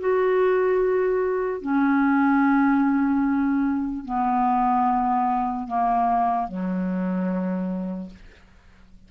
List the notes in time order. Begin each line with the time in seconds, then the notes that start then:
0.00 F#4
1.61 C#4
4.05 B3
5.67 A#3
6.48 F#3